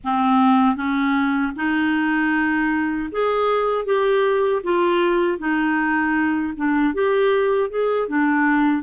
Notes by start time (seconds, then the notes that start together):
0.03 C4
0.76 C#4
1.56 D#4
3.12 G#4
3.85 G4
4.63 F4
5.38 D#4
6.56 D4
6.94 G4
7.70 G#4
8.08 D4